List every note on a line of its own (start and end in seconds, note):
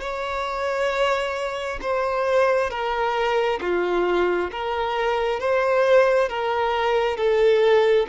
0.00 1.79 C#5
1.81 2.70 C5
2.70 3.59 A#4
3.60 4.50 F4
4.51 5.39 A#4
5.39 6.28 C5
6.28 7.16 A#4
7.16 8.06 A4